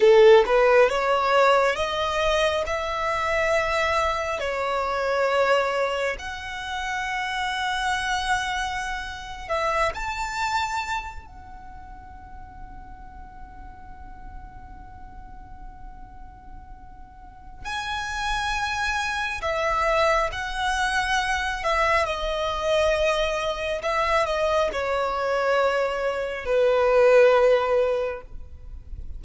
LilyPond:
\new Staff \with { instrumentName = "violin" } { \time 4/4 \tempo 4 = 68 a'8 b'8 cis''4 dis''4 e''4~ | e''4 cis''2 fis''4~ | fis''2~ fis''8. e''8 a''8.~ | a''8. fis''2.~ fis''16~ |
fis''1 | gis''2 e''4 fis''4~ | fis''8 e''8 dis''2 e''8 dis''8 | cis''2 b'2 | }